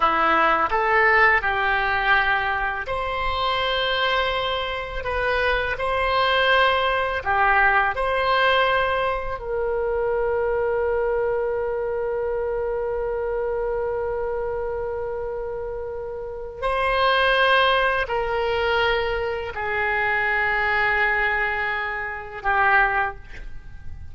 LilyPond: \new Staff \with { instrumentName = "oboe" } { \time 4/4 \tempo 4 = 83 e'4 a'4 g'2 | c''2. b'4 | c''2 g'4 c''4~ | c''4 ais'2.~ |
ais'1~ | ais'2. c''4~ | c''4 ais'2 gis'4~ | gis'2. g'4 | }